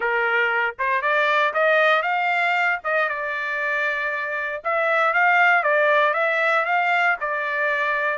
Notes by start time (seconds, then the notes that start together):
0.00 A#4
0.78 C5
1.01 D5
1.53 D#5
2.02 F5
2.84 D#5
3.08 D5
4.64 E5
5.13 F5
5.63 D5
6.13 E5
6.65 F5
7.20 D5